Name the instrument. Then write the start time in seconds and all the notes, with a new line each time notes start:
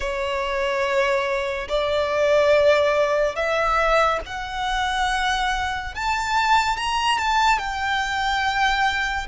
violin
0.00 C#5
1.68 D5
3.35 E5
4.26 F#5
5.95 A5
6.76 A#5
7.18 A5
7.58 G5